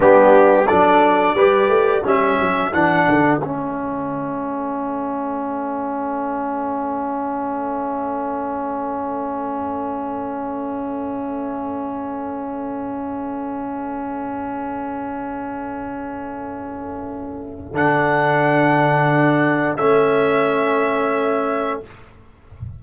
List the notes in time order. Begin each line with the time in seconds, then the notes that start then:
0.00 G3 B3 D4 G4
0.66 F#3 D4 A4 D5
1.34 G3 G4 B4
1.68 A3
2.03 G3 C#4 A4 E5
2.39 F#3
2.72 E3 D4 F#5
3.08 D3
3.39 A3 C#4 E5
17.72 D3 D4 F#5
19.76 A3 C#4 E5